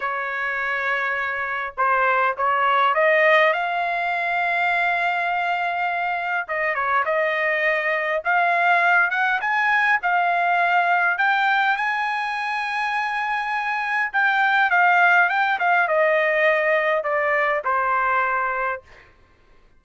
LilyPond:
\new Staff \with { instrumentName = "trumpet" } { \time 4/4 \tempo 4 = 102 cis''2. c''4 | cis''4 dis''4 f''2~ | f''2. dis''8 cis''8 | dis''2 f''4. fis''8 |
gis''4 f''2 g''4 | gis''1 | g''4 f''4 g''8 f''8 dis''4~ | dis''4 d''4 c''2 | }